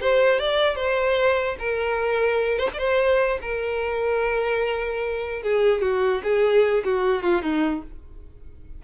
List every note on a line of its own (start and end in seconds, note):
0.00 0.39 C5
0.39 0.75 D5
0.75 1.55 C5
1.59 2.58 A#4
2.58 2.68 C5
2.73 3.38 C5
2.73 2.78 D5
3.41 5.42 A#4
5.42 5.81 G#4
5.81 6.21 F#4
6.23 6.83 G#4
6.84 7.22 F#4
7.22 7.42 F4
7.42 7.82 D#4